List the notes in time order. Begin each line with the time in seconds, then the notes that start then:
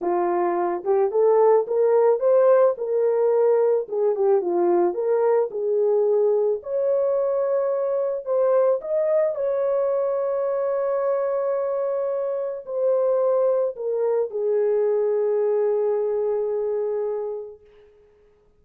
0.01 F4
0.84 G4
1.11 A4
1.67 A#4
2.19 C5
2.77 A#4
3.88 G#4
4.15 G4
4.41 F4
4.94 A#4
5.50 G#4
6.63 C#5
8.25 C5
8.81 D#5
9.35 C#5
12.65 C5
13.76 A#4
14.30 G#4